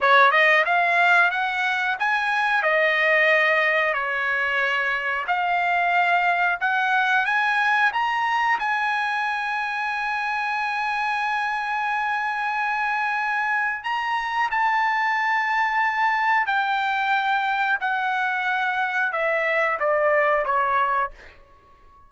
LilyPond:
\new Staff \with { instrumentName = "trumpet" } { \time 4/4 \tempo 4 = 91 cis''8 dis''8 f''4 fis''4 gis''4 | dis''2 cis''2 | f''2 fis''4 gis''4 | ais''4 gis''2.~ |
gis''1~ | gis''4 ais''4 a''2~ | a''4 g''2 fis''4~ | fis''4 e''4 d''4 cis''4 | }